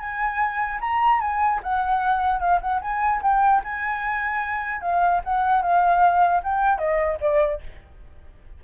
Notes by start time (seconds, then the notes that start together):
0.00 G#5
0.81 A#5
1.21 G#5
1.63 F#5
2.40 F5
2.61 F#5
2.82 G#5
3.23 G5
3.64 G#5
4.82 F5
5.25 F#5
5.63 F5
6.44 G5
6.79 D#5
7.21 D5